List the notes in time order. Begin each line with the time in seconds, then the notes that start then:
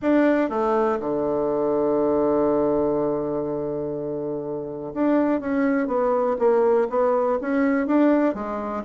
0.02 D4
0.49 A3
0.99 D3
4.94 D4
5.40 C#4
5.87 B3
6.38 A#3
6.89 B3
7.41 C#4
7.86 D4
8.34 G#3